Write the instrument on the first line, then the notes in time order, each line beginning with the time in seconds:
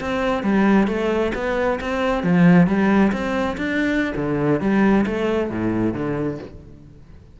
cello
0.00 C4
0.43 G3
0.87 A3
1.34 B3
1.81 C4
2.23 F3
2.67 G3
3.12 C4
3.57 D4
4.16 D3
4.60 G3
5.06 A3
5.50 A2
5.94 D3